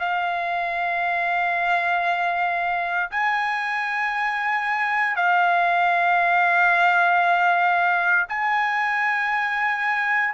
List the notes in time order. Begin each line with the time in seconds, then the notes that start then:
0.00 F5
3.11 G#5
5.16 F5
8.29 G#5